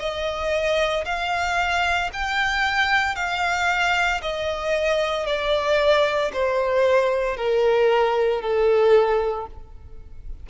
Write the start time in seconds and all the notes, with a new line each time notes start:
0.00 D#5
1.06 F5
2.13 G5
3.16 F5
4.22 D#5
5.27 D5
6.33 C5
7.37 A#4
8.42 A4